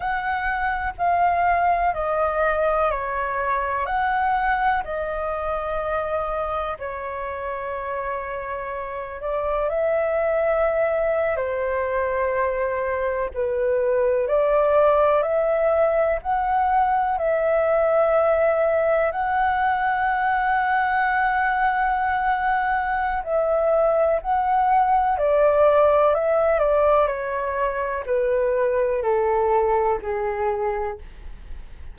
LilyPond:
\new Staff \with { instrumentName = "flute" } { \time 4/4 \tempo 4 = 62 fis''4 f''4 dis''4 cis''4 | fis''4 dis''2 cis''4~ | cis''4. d''8 e''4.~ e''16 c''16~ | c''4.~ c''16 b'4 d''4 e''16~ |
e''8. fis''4 e''2 fis''16~ | fis''1 | e''4 fis''4 d''4 e''8 d''8 | cis''4 b'4 a'4 gis'4 | }